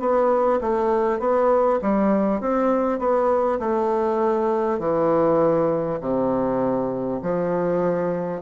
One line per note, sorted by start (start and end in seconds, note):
0.00 0.60 B3
0.62 1.19 A3
1.19 1.79 B3
1.82 2.41 G3
2.41 2.99 C4
2.99 3.59 B3
3.59 4.79 A3
4.79 5.99 E3
6.01 7.21 C3
7.22 8.42 F3